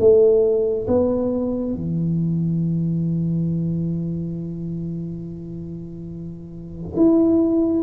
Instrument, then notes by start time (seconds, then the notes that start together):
tuba
0.00 A3
0.88 B3
1.75 E3
6.97 E4